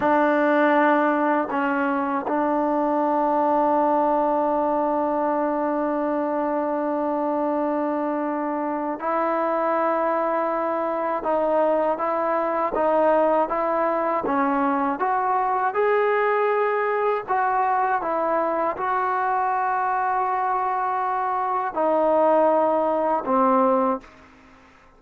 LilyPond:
\new Staff \with { instrumentName = "trombone" } { \time 4/4 \tempo 4 = 80 d'2 cis'4 d'4~ | d'1~ | d'1 | e'2. dis'4 |
e'4 dis'4 e'4 cis'4 | fis'4 gis'2 fis'4 | e'4 fis'2.~ | fis'4 dis'2 c'4 | }